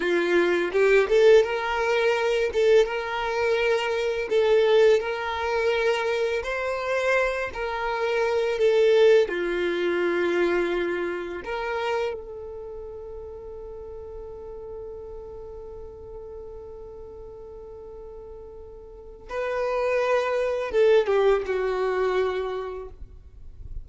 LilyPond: \new Staff \with { instrumentName = "violin" } { \time 4/4 \tempo 4 = 84 f'4 g'8 a'8 ais'4. a'8 | ais'2 a'4 ais'4~ | ais'4 c''4. ais'4. | a'4 f'2. |
ais'4 a'2.~ | a'1~ | a'2. b'4~ | b'4 a'8 g'8 fis'2 | }